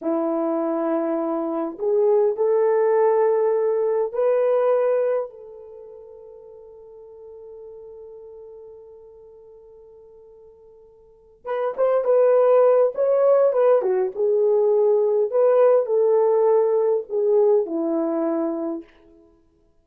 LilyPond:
\new Staff \with { instrumentName = "horn" } { \time 4/4 \tempo 4 = 102 e'2. gis'4 | a'2. b'4~ | b'4 a'2.~ | a'1~ |
a'2.~ a'8 b'8 | c''8 b'4. cis''4 b'8 fis'8 | gis'2 b'4 a'4~ | a'4 gis'4 e'2 | }